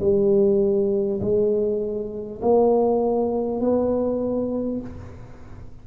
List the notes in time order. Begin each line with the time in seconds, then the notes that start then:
0.00 G3
1.21 G#3
2.41 A#3
3.60 B3